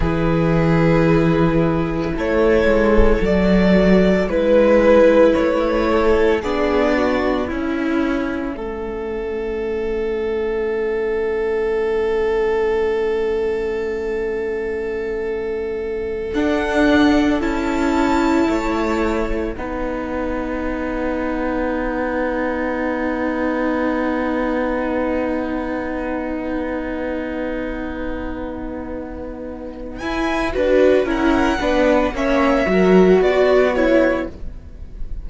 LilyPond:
<<
  \new Staff \with { instrumentName = "violin" } { \time 4/4 \tempo 4 = 56 b'2 cis''4 d''4 | b'4 cis''4 d''4 e''4~ | e''1~ | e''2.~ e''16 fis''8.~ |
fis''16 a''2 fis''4.~ fis''16~ | fis''1~ | fis''1 | gis''8 b'8 fis''4 e''4 d''8 cis''8 | }
  \new Staff \with { instrumentName = "violin" } { \time 4/4 gis'2 a'2 | b'4. a'8 gis'8 fis'8 e'4 | a'1~ | a'1~ |
a'4~ a'16 cis''4 b'4.~ b'16~ | b'1~ | b'1~ | b'4 ais'8 b'8 cis''8 ais'8 fis'4 | }
  \new Staff \with { instrumentName = "viola" } { \time 4/4 e'2. fis'4 | e'2 d'4 cis'4~ | cis'1~ | cis'2.~ cis'16 d'8.~ |
d'16 e'2 dis'4.~ dis'16~ | dis'1~ | dis'1 | e'8 fis'8 e'8 d'8 cis'8 fis'4 e'8 | }
  \new Staff \with { instrumentName = "cello" } { \time 4/4 e2 a8 gis8 fis4 | gis4 a4 b4 cis'4 | a1~ | a2.~ a16 d'8.~ |
d'16 cis'4 a4 b4.~ b16~ | b1~ | b1 | e'8 d'8 cis'8 b8 ais8 fis8 b4 | }
>>